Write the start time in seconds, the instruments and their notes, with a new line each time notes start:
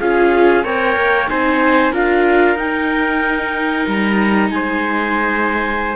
0.00 cello C#4, viola F4, trumpet G#4, clarinet F5
0.64 cello C4, viola A#4, trumpet C#5, clarinet G5
0.97 cello A#3
1.28 cello C4, viola D#4, trumpet C5, clarinet G#5
1.92 cello D4, viola F4, trumpet A#4, clarinet F5
2.56 cello D#4, viola D#4, clarinet G5
3.87 cello G3, clarinet A#5
4.50 cello G#3, trumpet C5, clarinet G#5